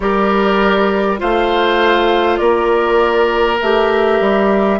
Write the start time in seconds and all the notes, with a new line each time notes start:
0.00 G3 G4 A#4 D5
1.17 A3 F4 C5 F5
2.37 A#3 A#4 D5
3.61 A3 G4 E5
4.20 G3